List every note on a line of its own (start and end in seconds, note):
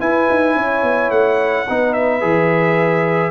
0.00 1.67 E4
0.00 0.28 E4
0.00 0.55 B4
0.00 1.11 G#5
0.30 0.56 D#4
0.55 0.83 C#4
0.55 1.67 C#5
0.83 1.10 B3
1.10 1.66 A3
1.10 1.93 F#5
1.68 2.23 B3
1.68 2.21 D#4
1.68 3.31 B4
1.93 3.31 E5
2.21 3.31 E3
2.21 3.31 G#4